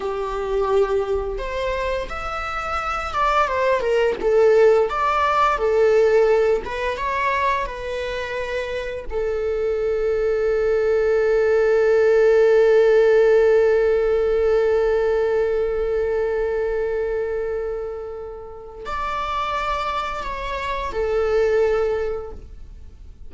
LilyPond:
\new Staff \with { instrumentName = "viola" } { \time 4/4 \tempo 4 = 86 g'2 c''4 e''4~ | e''8 d''8 c''8 ais'8 a'4 d''4 | a'4. b'8 cis''4 b'4~ | b'4 a'2.~ |
a'1~ | a'1~ | a'2. d''4~ | d''4 cis''4 a'2 | }